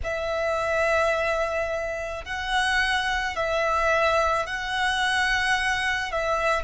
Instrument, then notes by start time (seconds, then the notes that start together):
violin
0.03 E5
2.25 F#5
3.35 E5
4.46 F#5
6.11 E5